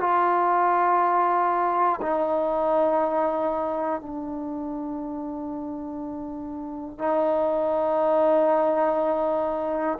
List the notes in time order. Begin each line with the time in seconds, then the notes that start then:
0.00 F4
2.02 D#4
4.01 D4
6.99 D#4